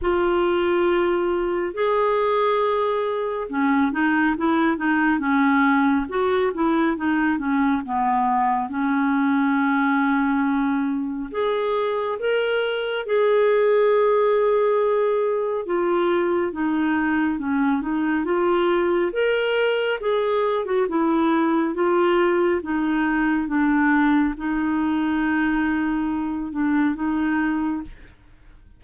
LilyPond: \new Staff \with { instrumentName = "clarinet" } { \time 4/4 \tempo 4 = 69 f'2 gis'2 | cis'8 dis'8 e'8 dis'8 cis'4 fis'8 e'8 | dis'8 cis'8 b4 cis'2~ | cis'4 gis'4 ais'4 gis'4~ |
gis'2 f'4 dis'4 | cis'8 dis'8 f'4 ais'4 gis'8. fis'16 | e'4 f'4 dis'4 d'4 | dis'2~ dis'8 d'8 dis'4 | }